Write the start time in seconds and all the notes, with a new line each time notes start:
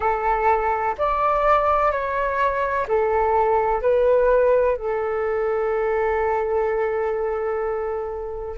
0.00 A4
0.98 D5
1.91 C#5
2.87 A4
3.81 B4
4.76 A4